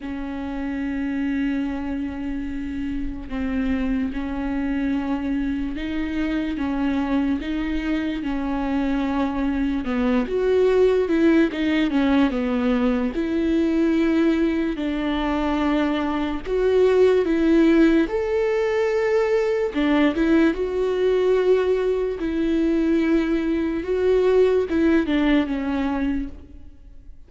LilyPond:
\new Staff \with { instrumentName = "viola" } { \time 4/4 \tempo 4 = 73 cis'1 | c'4 cis'2 dis'4 | cis'4 dis'4 cis'2 | b8 fis'4 e'8 dis'8 cis'8 b4 |
e'2 d'2 | fis'4 e'4 a'2 | d'8 e'8 fis'2 e'4~ | e'4 fis'4 e'8 d'8 cis'4 | }